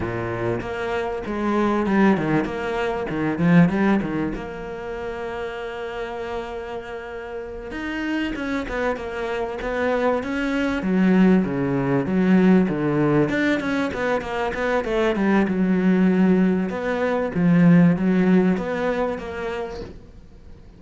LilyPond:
\new Staff \with { instrumentName = "cello" } { \time 4/4 \tempo 4 = 97 ais,4 ais4 gis4 g8 dis8 | ais4 dis8 f8 g8 dis8 ais4~ | ais1~ | ais8 dis'4 cis'8 b8 ais4 b8~ |
b8 cis'4 fis4 cis4 fis8~ | fis8 d4 d'8 cis'8 b8 ais8 b8 | a8 g8 fis2 b4 | f4 fis4 b4 ais4 | }